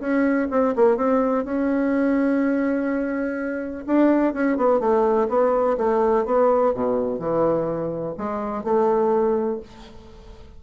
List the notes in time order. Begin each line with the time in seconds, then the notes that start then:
0.00 C#4
0.51 C4
0.76 A#3
0.97 C4
1.45 C#4
3.87 D4
4.33 C#4
4.57 B3
4.80 A3
5.29 B3
5.77 A3
6.26 B3
6.74 B2
7.19 E3
8.18 G#3
8.64 A3